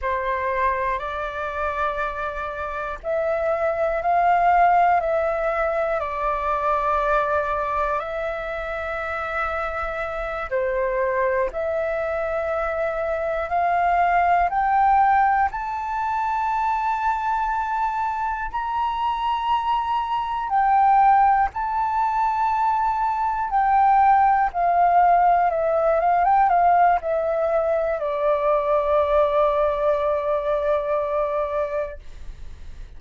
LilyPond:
\new Staff \with { instrumentName = "flute" } { \time 4/4 \tempo 4 = 60 c''4 d''2 e''4 | f''4 e''4 d''2 | e''2~ e''8 c''4 e''8~ | e''4. f''4 g''4 a''8~ |
a''2~ a''8 ais''4.~ | ais''8 g''4 a''2 g''8~ | g''8 f''4 e''8 f''16 g''16 f''8 e''4 | d''1 | }